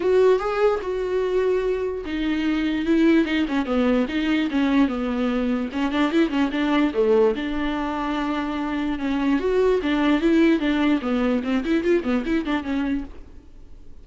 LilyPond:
\new Staff \with { instrumentName = "viola" } { \time 4/4 \tempo 4 = 147 fis'4 gis'4 fis'2~ | fis'4 dis'2 e'4 | dis'8 cis'8 b4 dis'4 cis'4 | b2 cis'8 d'8 e'8 cis'8 |
d'4 a4 d'2~ | d'2 cis'4 fis'4 | d'4 e'4 d'4 b4 | c'8 e'8 f'8 b8 e'8 d'8 cis'4 | }